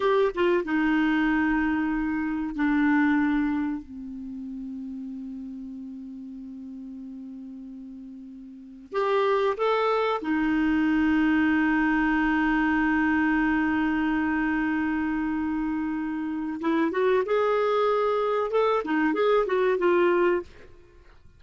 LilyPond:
\new Staff \with { instrumentName = "clarinet" } { \time 4/4 \tempo 4 = 94 g'8 f'8 dis'2. | d'2 c'2~ | c'1~ | c'2 g'4 a'4 |
dis'1~ | dis'1~ | dis'2 e'8 fis'8 gis'4~ | gis'4 a'8 dis'8 gis'8 fis'8 f'4 | }